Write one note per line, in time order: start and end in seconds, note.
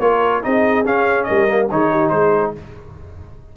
0.00 0.42 A#3
0.00 0.43 F4
0.00 0.44 A#4
0.00 0.42 C#5
0.43 0.86 C4
0.43 0.85 D#4
0.43 1.27 G#4
0.43 0.86 D#5
0.86 1.48 C#4
0.86 1.28 C#4
0.86 1.24 F5
1.24 1.69 A#4
1.24 1.66 D#5
1.30 1.71 G3
1.48 1.69 A#3
1.71 2.11 D#3
1.71 2.56 D#4
1.71 1.92 G#4
1.71 2.10 C#5
1.92 2.13 G4
2.10 2.53 G#3
2.10 2.57 G#4
2.10 2.51 C5